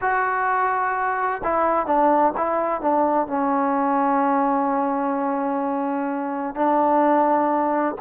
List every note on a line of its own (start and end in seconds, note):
0.01 1.41 F#4
1.43 1.86 E4
1.86 2.33 D4
2.37 2.81 E4
2.81 3.27 D4
3.27 6.55 C#4
6.55 7.95 D4